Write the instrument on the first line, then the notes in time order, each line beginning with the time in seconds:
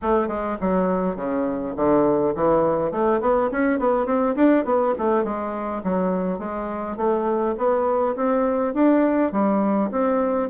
bassoon
0.02 A3
0.28 G#3
0.60 F#3
1.15 C#3
1.76 D3
2.35 E3
2.91 A3
3.20 B3
3.51 C#4
3.79 B3
4.06 C4
4.35 D4
4.64 B3
4.98 A3
5.24 G#3
5.83 F#3
6.39 G#3
6.96 A3
7.57 B3
8.16 C4
8.74 D4
9.32 G3
9.91 C4